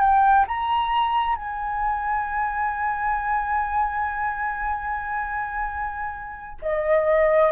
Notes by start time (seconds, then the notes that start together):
0.00 G5
0.47 A#5
1.36 G#5
6.62 D#5